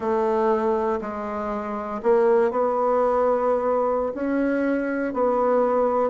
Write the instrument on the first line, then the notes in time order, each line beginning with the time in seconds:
bassoon
0.00 A3
1.01 G#3
2.02 A#3
2.50 B3
4.14 C#4
5.13 B3